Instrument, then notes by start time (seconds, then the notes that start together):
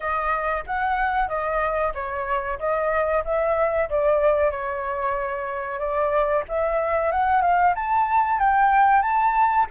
flute
0.00 D#5
0.66 F#5
1.28 D#5
1.94 C#5
2.59 D#5
3.24 E5
3.89 D5
4.50 C#5
5.79 D5
6.48 E5
7.11 F#5
7.41 F5
7.75 A5
8.39 G5
9.01 A5